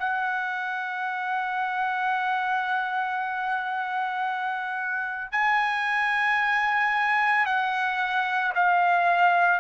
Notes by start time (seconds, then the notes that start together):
0.00 F#5
5.32 G#5
7.47 F#5
8.55 F5